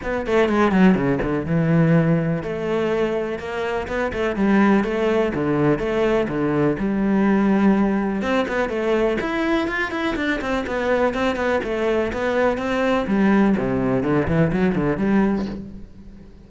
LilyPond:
\new Staff \with { instrumentName = "cello" } { \time 4/4 \tempo 4 = 124 b8 a8 gis8 fis8 cis8 d8 e4~ | e4 a2 ais4 | b8 a8 g4 a4 d4 | a4 d4 g2~ |
g4 c'8 b8 a4 e'4 | f'8 e'8 d'8 c'8 b4 c'8 b8 | a4 b4 c'4 g4 | c4 d8 e8 fis8 d8 g4 | }